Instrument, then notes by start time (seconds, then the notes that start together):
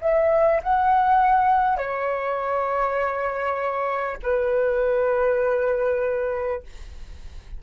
flute
0.00 E5
0.63 F#5
1.77 C#5
4.23 B4